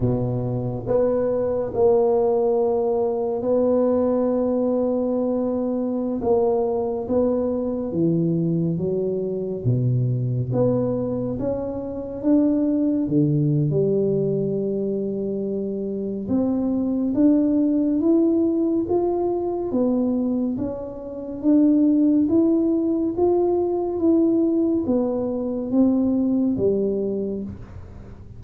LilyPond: \new Staff \with { instrumentName = "tuba" } { \time 4/4 \tempo 4 = 70 b,4 b4 ais2 | b2.~ b16 ais8.~ | ais16 b4 e4 fis4 b,8.~ | b,16 b4 cis'4 d'4 d8. |
g2. c'4 | d'4 e'4 f'4 b4 | cis'4 d'4 e'4 f'4 | e'4 b4 c'4 g4 | }